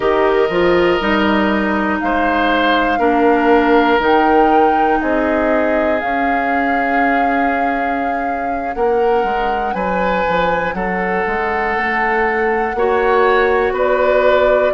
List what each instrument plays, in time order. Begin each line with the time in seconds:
0.00 bassoon D#3, clarinet G4, oboe A#4, flute D#5
0.49 bassoon F3, clarinet F4
1.00 bassoon G3, clarinet D#4
2.00 bassoon G#3, oboe C5, flute F5
2.99 bassoon A#3, clarinet D4, oboe A#4
3.99 bassoon D#3, clarinet D#4, flute G5
5.00 bassoon C4, oboe G#4, flute D#5
5.98 clarinet C#4, bassoon C#4, flute F5
8.74 bassoon A#3, oboe A#4, flute F#5
9.23 bassoon G#3
9.73 bassoon F#3, oboe B4, flute G#5
10.28 bassoon F3
10.73 bassoon F#3, oboe A4, flute F#5
11.26 bassoon G#3
11.76 bassoon A3
12.74 bassoon A#3, clarinet F#4, oboe C#5
13.71 bassoon B3, oboe B4
13.78 flute D5